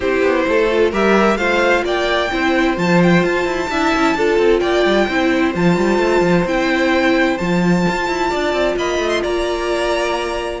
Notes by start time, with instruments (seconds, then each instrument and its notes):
0.00 cello C4, viola E4, violin G4 C5
0.22 cello B3
0.48 cello A3, violin A4
0.70 viola F4
0.91 cello G3, viola G4, violin A#4 E5
1.35 cello A3, viola F4, violin C5 F5
1.84 cello A#3, violin D5 G5
2.31 cello C4, viola E4, violin C5
2.76 cello F3, viola F4, violin A5
3.02 violin G5
3.23 cello F4, violin A5
3.45 cello E4
3.69 cello D4, viola E4, violin E5
3.94 cello C#4
4.15 cello D4, viola F4, violin A4
4.38 cello C4
4.59 cello A#3, violin D5 G5
4.84 cello G3
5.07 cello C4, viola E4, violin C5
5.53 cello F3, viola F4, violin A5
5.76 cello G3
5.98 cello A3
6.21 cello F3
6.45 cello C4, viola E4, violin G5
7.37 cello F3, viola F4, violin A5
7.88 cello F4
8.08 cello E4
8.30 cello D4, violin D5
8.52 cello C4
8.76 cello A#3, violin D#5 B5
8.98 cello A3
9.09 violin C6
9.22 cello A#3, violin D5 A#5